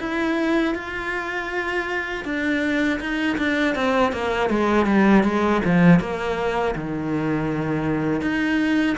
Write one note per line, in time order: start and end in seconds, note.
0.00 0.75 E4
0.75 2.25 F4
2.25 3.00 D4
3.00 3.38 D#4
3.38 3.75 D4
3.75 4.12 C4
4.12 4.50 A#3
4.50 4.86 G#3
4.86 5.24 G3
5.24 5.61 G#3
5.65 6.00 F3
6.00 6.75 A#3
6.75 8.22 D#3
8.22 8.97 D#4